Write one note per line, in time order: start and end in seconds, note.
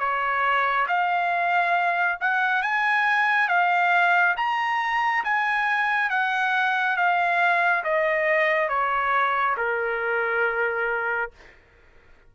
0.00 0.87 C#5
0.89 2.19 F5
2.21 2.63 F#5
2.63 3.49 G#5
3.49 4.36 F5
4.37 5.24 A#5
5.25 6.10 G#5
6.10 6.97 F#5
6.97 7.84 F5
7.84 8.69 D#5
8.69 9.56 C#5
9.57 11.31 A#4